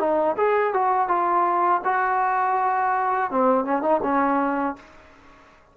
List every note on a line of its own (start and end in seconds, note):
0.00 0.37 D#4
0.37 0.74 G#4
0.74 1.08 F#4
1.08 1.82 F4
1.85 3.31 F#4
3.31 3.65 C4
3.65 3.82 C#4
3.82 4.01 D#4
4.03 4.76 C#4